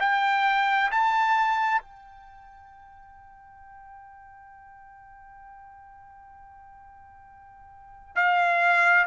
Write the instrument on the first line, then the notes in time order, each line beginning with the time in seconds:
trumpet
0.00 G5
0.91 A5
1.82 G5
8.16 F5